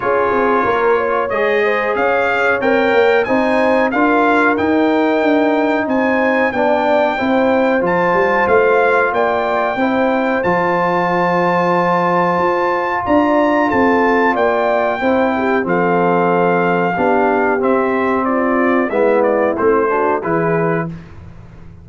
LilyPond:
<<
  \new Staff \with { instrumentName = "trumpet" } { \time 4/4 \tempo 4 = 92 cis''2 dis''4 f''4 | g''4 gis''4 f''4 g''4~ | g''4 gis''4 g''2 | a''4 f''4 g''2 |
a''1 | ais''4 a''4 g''2 | f''2. e''4 | d''4 e''8 d''8 c''4 b'4 | }
  \new Staff \with { instrumentName = "horn" } { \time 4/4 gis'4 ais'8 cis''4 c''8 cis''4~ | cis''4 c''4 ais'2~ | ais'4 c''4 d''4 c''4~ | c''2 d''4 c''4~ |
c''1 | d''4 a'4 d''4 c''8 g'8 | a'2 g'2 | f'4 e'4. fis'8 gis'4 | }
  \new Staff \with { instrumentName = "trombone" } { \time 4/4 f'2 gis'2 | ais'4 dis'4 f'4 dis'4~ | dis'2 d'4 e'4 | f'2. e'4 |
f'1~ | f'2. e'4 | c'2 d'4 c'4~ | c'4 b4 c'8 d'8 e'4 | }
  \new Staff \with { instrumentName = "tuba" } { \time 4/4 cis'8 c'8 ais4 gis4 cis'4 | c'8 ais8 c'4 d'4 dis'4 | d'4 c'4 b4 c'4 | f8 g8 a4 ais4 c'4 |
f2. f'4 | d'4 c'4 ais4 c'4 | f2 b4 c'4~ | c'4 gis4 a4 e4 | }
>>